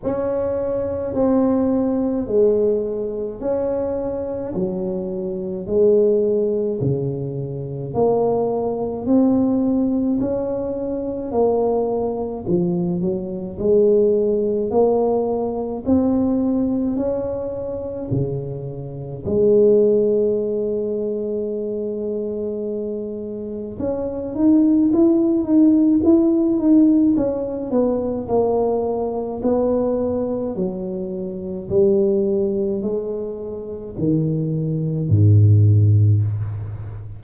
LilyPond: \new Staff \with { instrumentName = "tuba" } { \time 4/4 \tempo 4 = 53 cis'4 c'4 gis4 cis'4 | fis4 gis4 cis4 ais4 | c'4 cis'4 ais4 f8 fis8 | gis4 ais4 c'4 cis'4 |
cis4 gis2.~ | gis4 cis'8 dis'8 e'8 dis'8 e'8 dis'8 | cis'8 b8 ais4 b4 fis4 | g4 gis4 dis4 gis,4 | }